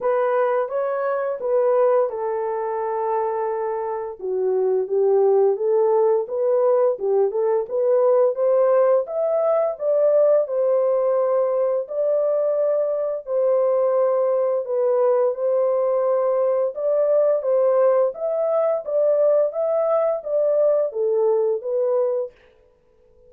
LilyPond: \new Staff \with { instrumentName = "horn" } { \time 4/4 \tempo 4 = 86 b'4 cis''4 b'4 a'4~ | a'2 fis'4 g'4 | a'4 b'4 g'8 a'8 b'4 | c''4 e''4 d''4 c''4~ |
c''4 d''2 c''4~ | c''4 b'4 c''2 | d''4 c''4 e''4 d''4 | e''4 d''4 a'4 b'4 | }